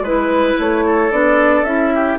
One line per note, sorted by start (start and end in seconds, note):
0.00 0.54 G#3
0.00 1.12 E4
0.00 0.85 B4
0.00 0.59 B4
0.59 1.11 A3
0.59 1.12 C#5
0.86 1.94 A4
1.11 1.63 B3
1.11 1.65 D4
1.11 1.64 D5
1.63 2.17 C#4
1.63 2.19 E4
1.63 2.18 E5
1.95 2.19 G4